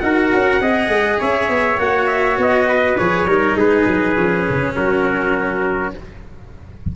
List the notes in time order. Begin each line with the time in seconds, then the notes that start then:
0.00 D#4 F#4 A#4 F#5
0.33 C#4
0.61 C4 G#4 D#5
0.88 G#3
1.20 C#4 C#5 E5
1.49 B3
1.77 A#3 F#4 F#5
2.07 E5
2.37 B3 D#5
2.68 B4
2.97 F3 G#4 C#5
3.26 G3 D#4 A#4
3.56 G#3 G#4 B4
3.86 F#3
4.16 F3 C#4
4.50 C#3
4.76 F#3 F#4 A#4